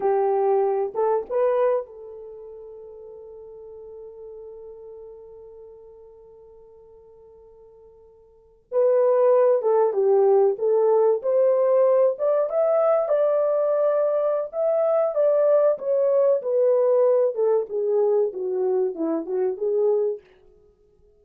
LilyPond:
\new Staff \with { instrumentName = "horn" } { \time 4/4 \tempo 4 = 95 g'4. a'8 b'4 a'4~ | a'1~ | a'1~ | a'4.~ a'16 b'4. a'8 g'16~ |
g'8. a'4 c''4. d''8 e''16~ | e''8. d''2~ d''16 e''4 | d''4 cis''4 b'4. a'8 | gis'4 fis'4 e'8 fis'8 gis'4 | }